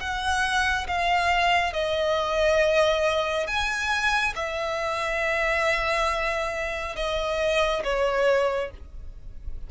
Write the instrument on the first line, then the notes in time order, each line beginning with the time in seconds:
violin
0.00 F#5
0.87 F5
1.73 D#5
3.47 G#5
4.35 E5
6.96 D#5
7.84 C#5